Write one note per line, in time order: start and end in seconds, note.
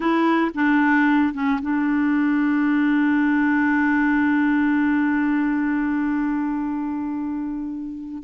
0.00 0.51 E4
0.54 1.33 D4
1.33 1.60 C#4
1.61 8.23 D4